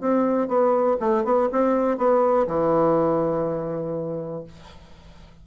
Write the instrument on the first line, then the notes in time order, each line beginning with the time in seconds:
bassoon
0.00 C4
0.48 B3
1.00 A3
1.24 B3
1.52 C4
1.98 B3
2.47 E3